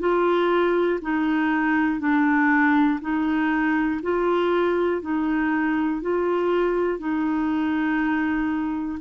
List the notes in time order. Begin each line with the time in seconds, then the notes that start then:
0.00 F4
1.01 D#4
2.00 D4
3.01 D#4
4.03 F4
5.02 D#4
6.02 F4
6.99 D#4